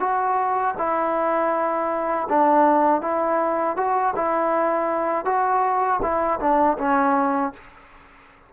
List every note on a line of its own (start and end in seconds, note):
0.00 0.75 F#4
0.78 2.28 E4
2.29 3.02 D4
3.02 3.77 E4
3.77 4.15 F#4
4.16 5.25 E4
5.25 6.00 F#4
6.02 6.40 E4
6.40 6.78 D4
6.78 7.53 C#4